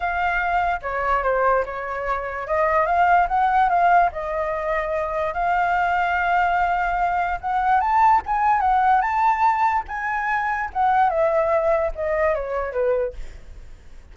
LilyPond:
\new Staff \with { instrumentName = "flute" } { \time 4/4 \tempo 4 = 146 f''2 cis''4 c''4 | cis''2 dis''4 f''4 | fis''4 f''4 dis''2~ | dis''4 f''2.~ |
f''2 fis''4 a''4 | gis''4 fis''4 a''2 | gis''2 fis''4 e''4~ | e''4 dis''4 cis''4 b'4 | }